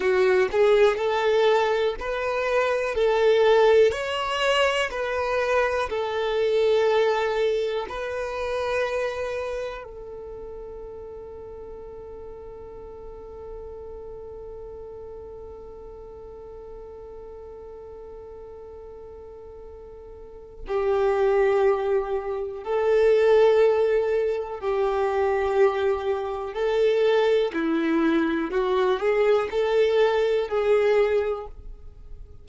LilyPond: \new Staff \with { instrumentName = "violin" } { \time 4/4 \tempo 4 = 61 fis'8 gis'8 a'4 b'4 a'4 | cis''4 b'4 a'2 | b'2 a'2~ | a'1~ |
a'1~ | a'4 g'2 a'4~ | a'4 g'2 a'4 | e'4 fis'8 gis'8 a'4 gis'4 | }